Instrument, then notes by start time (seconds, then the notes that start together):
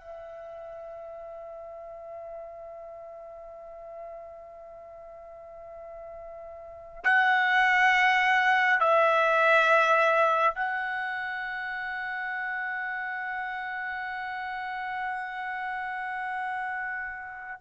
trumpet
0.00 E5
7.04 F#5
8.80 E5
10.55 F#5